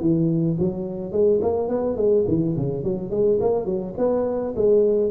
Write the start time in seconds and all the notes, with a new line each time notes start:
0.00 E3
0.59 F#3
1.12 G#3
1.41 A#3
1.68 B3
1.96 G#3
2.27 E3
2.56 C#3
2.84 F#3
3.10 G#3
3.40 A#3
3.65 F#3
3.98 B3
4.56 G#3